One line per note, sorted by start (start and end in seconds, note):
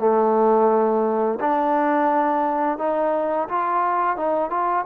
0.00 1.40 A3
1.40 2.79 D4
2.79 3.49 D#4
3.49 4.17 F4
4.17 4.50 D#4
4.50 4.85 F4